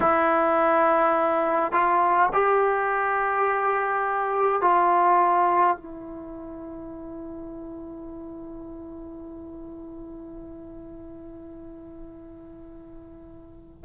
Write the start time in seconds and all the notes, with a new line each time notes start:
0.00 E4
1.72 F4
2.33 G4
4.62 F4
5.76 E4